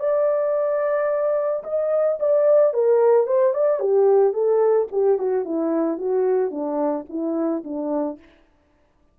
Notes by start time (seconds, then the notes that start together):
0.00 D5
1.64 D#5
2.20 D5
2.74 A#4
3.27 C5
3.54 D5
3.80 G4
4.34 A4
4.92 G4
5.19 F#4
5.45 E4
5.98 F#4
6.51 D4
7.10 E4
7.64 D4